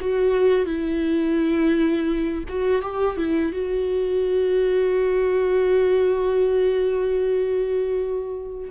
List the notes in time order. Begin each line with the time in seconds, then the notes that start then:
0.00 F#4
0.65 E4
2.48 F#4
2.82 G4
3.17 E4
3.53 F#4